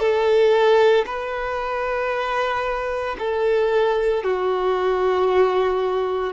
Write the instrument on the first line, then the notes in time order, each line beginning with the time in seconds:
violin
0.00 A4
1.06 B4
3.19 A4
4.24 F#4